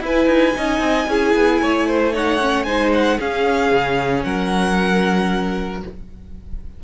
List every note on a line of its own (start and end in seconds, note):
0.00 0.26 E4
0.00 0.54 E4
0.00 0.57 B4
0.06 2.15 G#5
0.26 0.53 D#4
0.54 0.79 C#4
0.54 1.07 D#4
0.54 1.10 D#5
0.79 1.06 C4
1.08 1.34 C#4
1.08 2.13 E4
1.08 1.62 G#4
1.35 1.61 B3
1.61 2.66 A3
1.61 1.87 C#5
1.87 2.13 C5
2.13 2.39 D#4
2.13 2.66 C#5
2.13 2.64 F#5
2.40 2.66 C#4
2.64 3.19 G#3
2.64 3.19 D#4
2.64 3.18 C5
2.64 2.90 G#5
2.94 3.20 F#5
3.18 5.82 C#4
3.18 3.72 C#4
3.18 4.24 G#4
3.18 4.23 F5
3.72 4.24 C#3
4.23 5.83 F#3
4.23 5.83 A#4
4.23 5.81 F#5